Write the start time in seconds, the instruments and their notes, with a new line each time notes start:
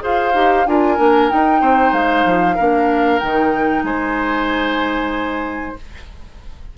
0.00 bassoon F4, clarinet G#4, oboe C5, flute F5
0.34 bassoon D#4, clarinet G4
0.66 bassoon D4, clarinet F4, oboe A#4, flute G#5
0.97 bassoon A#3, clarinet D4
1.29 clarinet D#4, bassoon D#4, flute G5
1.61 bassoon C4, oboe C5
1.92 bassoon G#3, flute F5
2.25 bassoon F3
2.55 bassoon A#3, clarinet D4, oboe A#4
3.19 bassoon D#3, clarinet D#4, flute G5
3.83 bassoon G#3, oboe C5, flute G#5